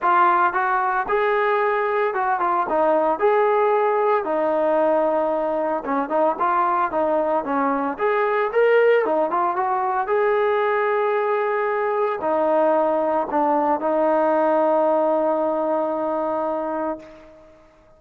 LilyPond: \new Staff \with { instrumentName = "trombone" } { \time 4/4 \tempo 4 = 113 f'4 fis'4 gis'2 | fis'8 f'8 dis'4 gis'2 | dis'2. cis'8 dis'8 | f'4 dis'4 cis'4 gis'4 |
ais'4 dis'8 f'8 fis'4 gis'4~ | gis'2. dis'4~ | dis'4 d'4 dis'2~ | dis'1 | }